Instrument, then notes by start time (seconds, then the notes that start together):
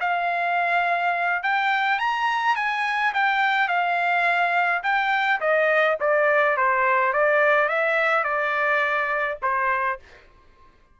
trumpet
0.00 F5
1.43 G5
1.99 A#5
2.56 G#5
3.14 G5
3.68 F5
4.83 G5
5.41 D#5
6.00 D5
6.57 C5
7.12 D5
7.68 E5
8.24 D5
9.42 C5